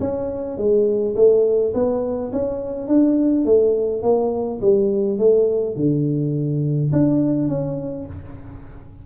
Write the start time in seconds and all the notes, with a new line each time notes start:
0.00 C#4
0.57 G#3
1.15 A3
1.74 B3
2.32 C#4
2.87 D4
3.45 A3
4.02 A#3
4.61 G3
5.18 A3
5.76 D3
6.92 D4
7.48 C#4